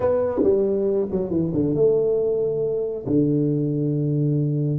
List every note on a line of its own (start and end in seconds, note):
0.00 0.41 B3
0.43 1.08 G3
1.11 1.30 F#3
1.30 1.52 E3
1.54 1.75 D3
1.75 3.05 A3
3.06 4.78 D3